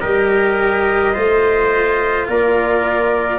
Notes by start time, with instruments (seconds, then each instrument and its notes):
0.00 tuba G3, cello G4, trumpet A#4, flute D#5
1.14 tuba A3, cello F4, trumpet C5
2.28 tuba A#3, trumpet A#4, flute D5